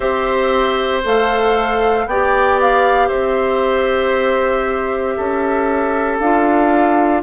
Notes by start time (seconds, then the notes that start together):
0.00 C4 G4 C5 E5
1.03 A3 A4 F5
2.06 B3 G4 D5 G5
2.60 F5
3.08 C4 C5 E5
5.17 C#4 A4
6.19 D4 F4 F5